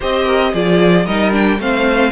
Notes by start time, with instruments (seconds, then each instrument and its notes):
0.00 cello C4, viola G4, violin C5 D#5
0.24 violin A#4
0.53 cello F3, viola F4, violin G#4 D5
1.05 cello G3, viola D#4, violin A#4 D#5
1.31 viola D4, violin G5
1.58 cello A3, viola C4, violin C5 F5